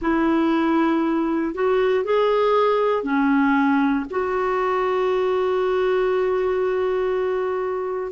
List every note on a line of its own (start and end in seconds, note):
0.01 1.54 E4
1.54 2.04 F#4
2.04 3.03 G#4
3.03 4.04 C#4
4.10 8.12 F#4